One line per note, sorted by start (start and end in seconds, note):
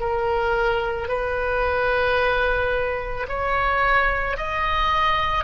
0.00 1.09 A#4
1.09 3.27 B4
3.28 4.37 C#5
4.37 5.44 D#5